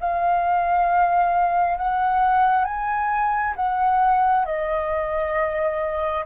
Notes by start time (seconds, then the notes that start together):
0.00 F5
1.77 F#5
2.64 G#5
3.56 F#5
4.45 D#5